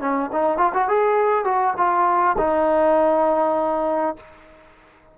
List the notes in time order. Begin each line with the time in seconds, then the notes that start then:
0.00 C#4
0.32 D#4
0.57 F4
0.74 F#4
0.88 G#4
1.44 F#4
1.77 F4
2.38 D#4